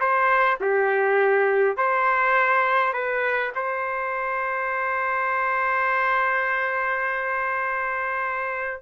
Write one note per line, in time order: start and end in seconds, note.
0.00 0.59 C5
0.60 1.77 G4
1.77 2.93 C5
2.93 3.52 B4
3.55 8.82 C5